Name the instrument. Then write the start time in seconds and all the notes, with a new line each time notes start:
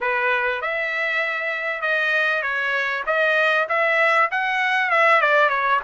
trumpet
0.01 B4
0.61 E5
1.81 D#5
2.42 C#5
3.06 D#5
3.68 E5
4.31 F#5
4.90 E5
5.21 D5
5.49 C#5